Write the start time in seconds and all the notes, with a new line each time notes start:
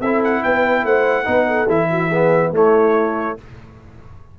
0.00 C4 E4 A4 E5
0.24 F#5
0.43 B3 B4 G5
0.84 A3 C5 F#5
1.25 B3 D#4 B4
1.47 A4
1.68 E3 E4 E5
1.90 F#4
2.09 B3 G#4
2.52 A3 E4 C#5